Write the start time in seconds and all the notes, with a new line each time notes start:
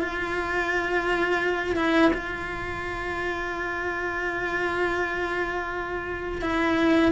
0.00 F4
1.76 E4
2.14 F4
6.42 E4